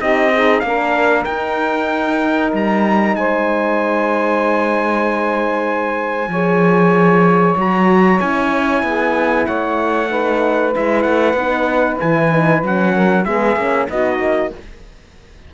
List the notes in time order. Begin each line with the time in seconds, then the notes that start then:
0.00 C4 D#4 G4 D#5
0.32 D#4 G#4
0.60 A#3 D4 A#4 F5
1.25 D#4 G5
2.53 G3 A#5
3.16 G#3 C5 G#5
6.28 F3 G#4 C#5
7.57 F#3 F#4 A#5
8.19 C#4 E4 G#5
8.83 B3 G#4
9.46 A3 C#5 F#5
10.10 D#4 B4
10.74 G#3 E4 E5
11.02 A3 F#5
11.34 B3 D#4
11.99 E3 E4 G#5
12.31 D#4
12.63 F#3 C#4 F#5
12.94 A#4
13.25 G#3 B3 G#4 E5
13.56 A#3 C#4
13.89 B3 D#4 F#4 D#5
14.19 A#3